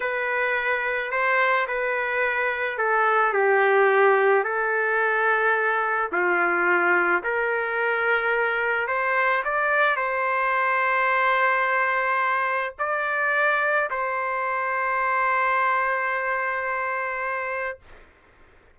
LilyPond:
\new Staff \with { instrumentName = "trumpet" } { \time 4/4 \tempo 4 = 108 b'2 c''4 b'4~ | b'4 a'4 g'2 | a'2. f'4~ | f'4 ais'2. |
c''4 d''4 c''2~ | c''2. d''4~ | d''4 c''2.~ | c''1 | }